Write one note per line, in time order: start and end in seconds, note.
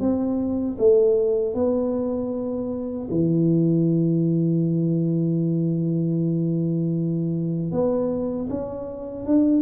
0.00 0.77 C4
0.78 1.54 A3
1.54 3.08 B3
3.10 7.71 E3
7.71 8.48 B3
8.49 9.26 C#4
9.26 9.62 D4